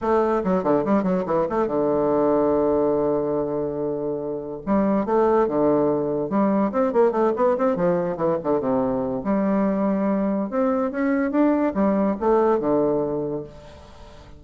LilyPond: \new Staff \with { instrumentName = "bassoon" } { \time 4/4 \tempo 4 = 143 a4 fis8 d8 g8 fis8 e8 a8 | d1~ | d2. g4 | a4 d2 g4 |
c'8 ais8 a8 b8 c'8 f4 e8 | d8 c4. g2~ | g4 c'4 cis'4 d'4 | g4 a4 d2 | }